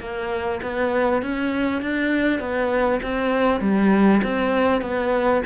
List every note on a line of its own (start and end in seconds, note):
0.00 0.61 A#3
0.62 1.22 B3
1.22 1.82 C#4
1.82 2.39 D4
2.39 3.00 B3
3.02 3.61 C4
3.61 4.21 G3
4.23 4.81 C4
4.81 5.42 B3